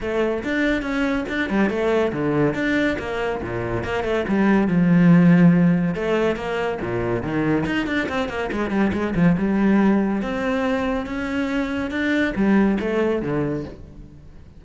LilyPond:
\new Staff \with { instrumentName = "cello" } { \time 4/4 \tempo 4 = 141 a4 d'4 cis'4 d'8 g8 | a4 d4 d'4 ais4 | ais,4 ais8 a8 g4 f4~ | f2 a4 ais4 |
ais,4 dis4 dis'8 d'8 c'8 ais8 | gis8 g8 gis8 f8 g2 | c'2 cis'2 | d'4 g4 a4 d4 | }